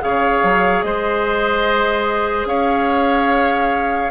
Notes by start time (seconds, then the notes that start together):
0.00 C#3 G#4 C#5 F5
0.42 F#3
0.82 G#3 C5 D#5
2.45 C#4 C#5 F5